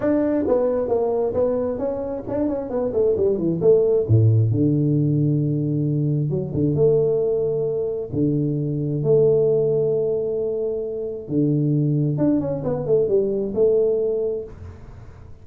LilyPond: \new Staff \with { instrumentName = "tuba" } { \time 4/4 \tempo 4 = 133 d'4 b4 ais4 b4 | cis'4 d'8 cis'8 b8 a8 g8 e8 | a4 a,4 d2~ | d2 fis8 d8 a4~ |
a2 d2 | a1~ | a4 d2 d'8 cis'8 | b8 a8 g4 a2 | }